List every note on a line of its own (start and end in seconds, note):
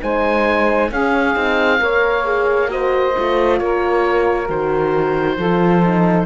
0.00 0.91 G#3
0.00 0.89 D#4
0.00 0.90 C5
0.00 0.92 G#5
0.89 1.33 C#4
0.89 1.35 C#4
0.89 1.80 G#4
0.89 2.71 F5
1.33 1.81 C4
1.33 1.78 D#4
1.80 3.15 A#3
1.80 2.24 A#4
1.80 2.70 C#5
2.24 2.68 G#4
2.68 3.13 F#4
2.68 3.60 C5
2.68 3.58 D#5
3.15 3.60 A3
3.15 4.48 F4
3.58 4.49 A#3
3.58 5.37 A#4
3.58 4.47 C#5
4.48 5.38 D#3
4.48 5.37 F#4
4.48 6.25 C5
5.37 6.25 F3
5.37 5.83 F4
5.37 6.25 A4
5.83 6.25 D#4